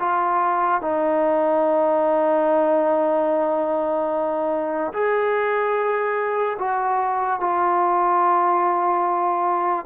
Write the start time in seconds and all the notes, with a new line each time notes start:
0.00 F4
0.82 D#4
4.94 G#4
6.59 F#4
7.40 F4